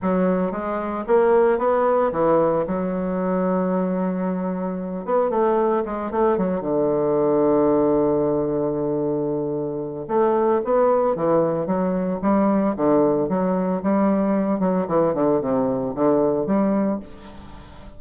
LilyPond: \new Staff \with { instrumentName = "bassoon" } { \time 4/4 \tempo 4 = 113 fis4 gis4 ais4 b4 | e4 fis2.~ | fis4. b8 a4 gis8 a8 | fis8 d2.~ d8~ |
d2. a4 | b4 e4 fis4 g4 | d4 fis4 g4. fis8 | e8 d8 c4 d4 g4 | }